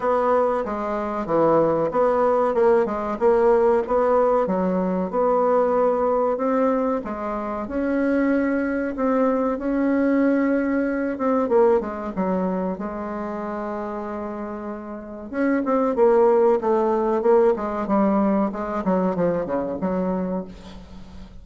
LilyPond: \new Staff \with { instrumentName = "bassoon" } { \time 4/4 \tempo 4 = 94 b4 gis4 e4 b4 | ais8 gis8 ais4 b4 fis4 | b2 c'4 gis4 | cis'2 c'4 cis'4~ |
cis'4. c'8 ais8 gis8 fis4 | gis1 | cis'8 c'8 ais4 a4 ais8 gis8 | g4 gis8 fis8 f8 cis8 fis4 | }